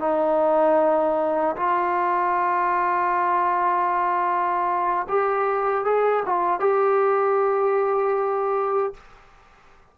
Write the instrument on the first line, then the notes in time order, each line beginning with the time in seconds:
trombone
0.00 D#4
1.57 F4
5.09 G4
5.85 G#4
6.26 F4
6.60 G4